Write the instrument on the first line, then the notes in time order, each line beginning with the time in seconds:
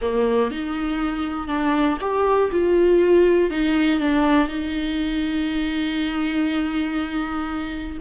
viola
0.01 A#3
0.50 D#4
1.47 D4
2.00 G4
2.51 F4
3.50 D#4
4.00 D4
4.47 D#4